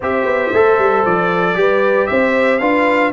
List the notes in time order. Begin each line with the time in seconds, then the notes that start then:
0.00 C4 G4 C5 E5
0.24 B3
0.52 A3 A4
0.78 G3
1.05 F3 D5
1.55 G3 G4 B4
2.06 C4 C5 E5
2.58 D4 F4 B4 F5